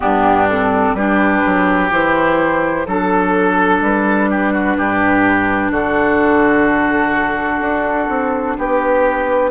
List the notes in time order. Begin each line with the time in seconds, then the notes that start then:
0.00 G2 B3 D4 G4
0.49 C4 A4
0.94 G3 D4 G4 B4
1.45 F#3
1.90 E3 E4 C5
2.86 F#3 D4 A4
3.81 G3 B4
4.30 G4
4.53 F#4
4.77 G2 G4
5.70 D3 F#4 A4
7.60 D4
8.08 C4
8.58 B3 G4 B4